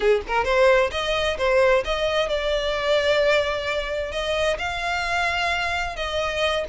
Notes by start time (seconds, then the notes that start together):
0.00 G#4
0.27 A#4
0.44 C5
0.91 D#5
1.37 C5
1.84 D#5
2.28 D5
4.11 D#5
4.58 F5
5.96 D#5